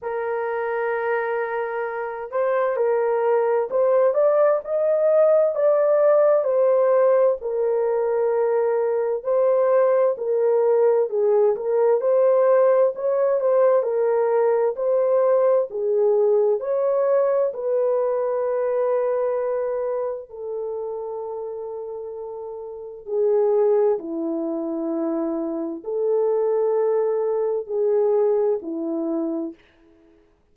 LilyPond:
\new Staff \with { instrumentName = "horn" } { \time 4/4 \tempo 4 = 65 ais'2~ ais'8 c''8 ais'4 | c''8 d''8 dis''4 d''4 c''4 | ais'2 c''4 ais'4 | gis'8 ais'8 c''4 cis''8 c''8 ais'4 |
c''4 gis'4 cis''4 b'4~ | b'2 a'2~ | a'4 gis'4 e'2 | a'2 gis'4 e'4 | }